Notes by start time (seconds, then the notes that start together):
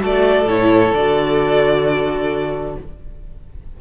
0.00 A3 F#4 A4 D5
0.46 A2 E4 C#5
0.94 D3 F#4 D5